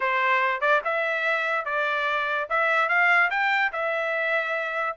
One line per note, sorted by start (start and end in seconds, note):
0.00 0.60 C5
0.60 0.81 D5
0.84 1.65 E5
1.65 2.48 D5
2.49 2.88 E5
2.88 3.30 F5
3.30 3.71 G5
3.72 4.96 E5